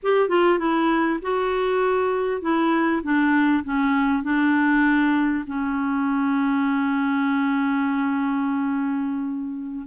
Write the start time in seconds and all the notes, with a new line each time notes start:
0.02 G4
0.29 F4
0.58 E4
1.21 F#4
2.41 E4
3.03 D4
3.64 C#4
4.23 D4
5.46 C#4